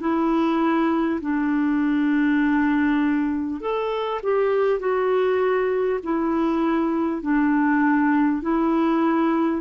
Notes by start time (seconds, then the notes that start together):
0.00 E4
1.22 D4
3.61 A4
4.23 G4
4.80 F#4
6.03 E4
7.23 D4
8.43 E4